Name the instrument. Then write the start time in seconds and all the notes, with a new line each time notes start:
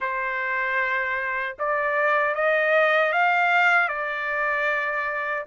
trumpet
0.00 C5
1.58 D5
2.34 D#5
3.12 F5
3.88 D5